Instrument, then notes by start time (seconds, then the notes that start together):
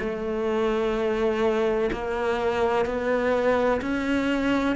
cello
0.00 A3
1.93 A#3
2.86 B3
3.81 C#4